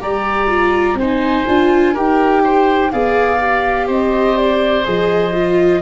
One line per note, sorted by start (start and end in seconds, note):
0.00 0.95 G3
0.00 0.48 G4
0.00 0.99 D5
0.00 0.98 A#5
0.48 0.96 F4
0.95 1.43 C4
0.95 1.94 C5
0.95 1.97 G#5
1.02 1.47 D#4
1.47 1.96 D4
1.47 1.95 F4
1.94 2.93 D#4
1.94 2.92 G4
1.94 2.42 A#4
1.94 2.92 G5
2.44 2.92 C5
2.92 3.89 B3
2.92 3.39 G#4
2.92 3.87 D5
2.92 3.88 F5
3.39 4.84 G4
3.87 4.85 C4
3.87 5.81 C5
3.87 4.37 D#5
4.37 4.86 D5
4.85 5.82 F3
4.85 5.33 G#4
4.85 5.82 D#5
5.33 5.82 F4